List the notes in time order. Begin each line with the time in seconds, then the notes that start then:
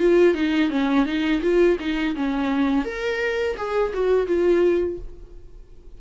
0.00 F4
0.35 D#4
0.70 C#4
1.06 D#4
1.42 F4
1.80 D#4
2.16 C#4
2.85 A#4
3.57 G#4
3.94 F#4
4.27 F4